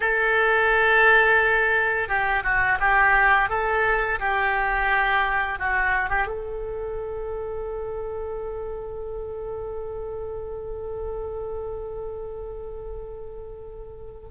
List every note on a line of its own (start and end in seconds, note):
0.00 2.08 A4
2.08 2.43 G4
2.43 2.78 F#4
2.80 3.49 G4
3.49 4.19 A4
4.19 5.58 G4
5.58 6.09 F#4
6.09 6.27 G4
6.27 14.29 A4